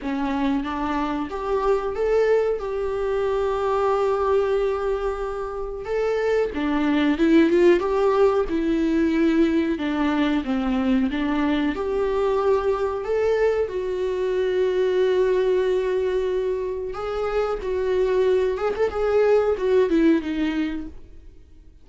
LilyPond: \new Staff \with { instrumentName = "viola" } { \time 4/4 \tempo 4 = 92 cis'4 d'4 g'4 a'4 | g'1~ | g'4 a'4 d'4 e'8 f'8 | g'4 e'2 d'4 |
c'4 d'4 g'2 | a'4 fis'2.~ | fis'2 gis'4 fis'4~ | fis'8 gis'16 a'16 gis'4 fis'8 e'8 dis'4 | }